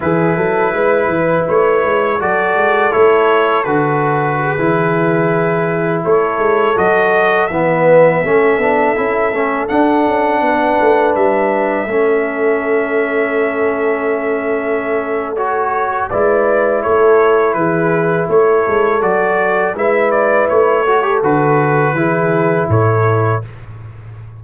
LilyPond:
<<
  \new Staff \with { instrumentName = "trumpet" } { \time 4/4 \tempo 4 = 82 b'2 cis''4 d''4 | cis''4 b'2.~ | b'16 cis''4 dis''4 e''4.~ e''16~ | e''4~ e''16 fis''2 e''8.~ |
e''1~ | e''4 cis''4 d''4 cis''4 | b'4 cis''4 d''4 e''8 d''8 | cis''4 b'2 cis''4 | }
  \new Staff \with { instrumentName = "horn" } { \time 4/4 gis'8 a'8 b'2 a'4~ | a'2 gis'2~ | gis'16 a'2 b'4 a'8.~ | a'2~ a'16 b'4.~ b'16~ |
b'16 a'2.~ a'8.~ | a'2 b'4 a'4 | gis'4 a'2 b'4~ | b'8 a'4. gis'4 a'4 | }
  \new Staff \with { instrumentName = "trombone" } { \time 4/4 e'2. fis'4 | e'4 fis'4~ fis'16 e'4.~ e'16~ | e'4~ e'16 fis'4 b4 cis'8 d'16~ | d'16 e'8 cis'8 d'2~ d'8.~ |
d'16 cis'2.~ cis'8.~ | cis'4 fis'4 e'2~ | e'2 fis'4 e'4~ | e'8 fis'16 g'16 fis'4 e'2 | }
  \new Staff \with { instrumentName = "tuba" } { \time 4/4 e8 fis8 gis8 e8 a8 gis8 fis8 gis8 | a4 d4~ d16 e4.~ e16~ | e16 a8 gis8 fis4 e4 a8 b16~ | b16 cis'8 a8 d'8 cis'8 b8 a8 g8.~ |
g16 a2.~ a8.~ | a2 gis4 a4 | e4 a8 gis8 fis4 gis4 | a4 d4 e4 a,4 | }
>>